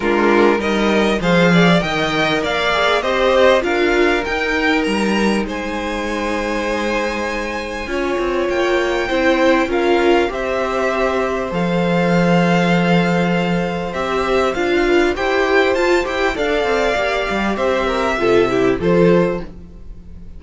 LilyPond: <<
  \new Staff \with { instrumentName = "violin" } { \time 4/4 \tempo 4 = 99 ais'4 dis''4 f''4 g''4 | f''4 dis''4 f''4 g''4 | ais''4 gis''2.~ | gis''2 g''2 |
f''4 e''2 f''4~ | f''2. e''4 | f''4 g''4 a''8 g''8 f''4~ | f''4 e''2 c''4 | }
  \new Staff \with { instrumentName = "violin" } { \time 4/4 f'4 ais'4 c''8 d''8 dis''4 | d''4 c''4 ais'2~ | ais'4 c''2.~ | c''4 cis''2 c''4 |
ais'4 c''2.~ | c''1~ | c''8 b'8 c''2 d''4~ | d''4 c''8 ais'8 a'8 g'8 a'4 | }
  \new Staff \with { instrumentName = "viola" } { \time 4/4 d'4 dis'4 gis'4 ais'4~ | ais'8 gis'8 g'4 f'4 dis'4~ | dis'1~ | dis'4 f'2 e'4 |
f'4 g'2 a'4~ | a'2. g'4 | f'4 g'4 f'8 g'8 a'4 | g'2 f'8 e'8 f'4 | }
  \new Staff \with { instrumentName = "cello" } { \time 4/4 gis4 g4 f4 dis4 | ais4 c'4 d'4 dis'4 | g4 gis2.~ | gis4 cis'8 c'8 ais4 c'4 |
cis'4 c'2 f4~ | f2. c'4 | d'4 e'4 f'8 e'8 d'8 c'8 | ais8 g8 c'4 c4 f4 | }
>>